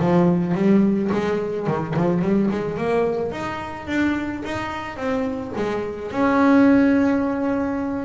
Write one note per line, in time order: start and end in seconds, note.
0.00 0.55 F3
0.55 1.10 G3
1.12 1.67 G#3
1.67 1.95 D#3
1.96 2.22 F3
2.22 2.50 G3
2.51 2.78 G#3
2.78 3.32 A#3
3.32 3.87 D#4
3.87 4.43 D4
4.45 4.97 D#4
4.97 5.52 C4
5.56 6.12 G#3
6.12 8.05 C#4